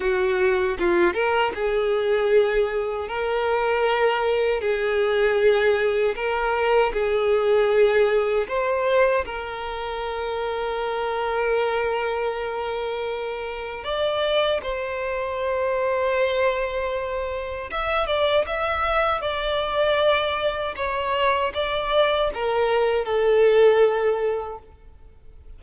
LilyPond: \new Staff \with { instrumentName = "violin" } { \time 4/4 \tempo 4 = 78 fis'4 f'8 ais'8 gis'2 | ais'2 gis'2 | ais'4 gis'2 c''4 | ais'1~ |
ais'2 d''4 c''4~ | c''2. e''8 d''8 | e''4 d''2 cis''4 | d''4 ais'4 a'2 | }